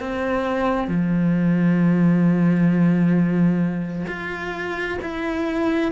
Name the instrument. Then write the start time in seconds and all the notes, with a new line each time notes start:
cello
0.00 C4
0.88 F3
4.07 F4
5.02 E4